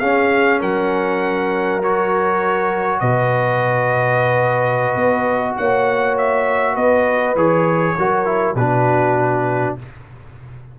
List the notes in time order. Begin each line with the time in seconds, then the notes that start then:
0.00 C#4 G#4 F5
0.60 F#3 A#4 F#5
1.83 F#4 C#5
3.00 B2 B4 D#5
4.96 B3
5.57 A#3 C#5 F#5
6.18 E5
6.74 B3 B4 D#5
7.36 E3 G#4 C#5
7.98 F#3 F#4 A#4
8.25 E4
8.55 B2 D4 F#4 B4